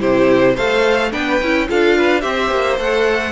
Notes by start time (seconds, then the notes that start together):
0.00 C3 E4 G4 C5
0.54 A3 A4 C5 F5
1.11 B3 D4 B4 G5
1.42 C#4 E4
1.68 D4 F4 A4 F5
1.98 B4
2.21 C4 G4 C5 E5
2.51 A#3
2.78 A3 A4 F#5